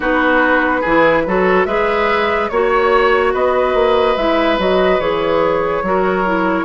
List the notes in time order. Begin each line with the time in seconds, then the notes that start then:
0.00 B3 D#4 F#4 B4
0.80 E3 E4 G#4
1.26 F#3 F#4 A4
1.65 G#3 G#4 B4 E5
2.48 A#3 F#4 C#5
3.33 B3 B4 D#5
3.74 A#3
4.16 G#3 E4 E5
4.58 F#3 F#4 D#5
4.99 E3 G#4 C#5
5.82 F#3 F#4 A#4
6.25 E4